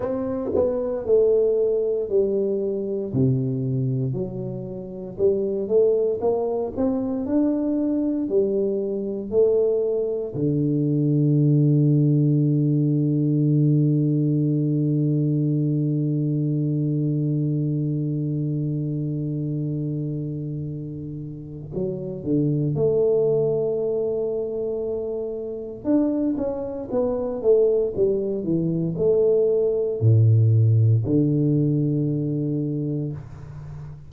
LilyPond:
\new Staff \with { instrumentName = "tuba" } { \time 4/4 \tempo 4 = 58 c'8 b8 a4 g4 c4 | fis4 g8 a8 ais8 c'8 d'4 | g4 a4 d2~ | d1~ |
d1~ | d4 fis8 d8 a2~ | a4 d'8 cis'8 b8 a8 g8 e8 | a4 a,4 d2 | }